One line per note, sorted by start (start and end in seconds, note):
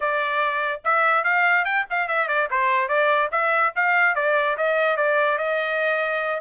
0.00 0.81 D5
0.84 1.24 E5
1.24 1.64 F5
1.64 1.85 G5
1.89 2.08 F5
2.08 2.27 E5
2.27 2.48 D5
2.50 2.88 C5
2.88 3.29 D5
3.31 3.73 E5
3.75 4.15 F5
4.15 4.56 D5
4.57 4.97 D#5
4.97 5.38 D5
5.38 6.40 D#5